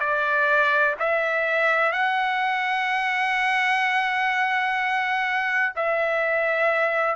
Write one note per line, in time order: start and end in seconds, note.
0.00 0.95 D5
1.00 1.92 E5
1.92 5.73 F#5
5.76 7.16 E5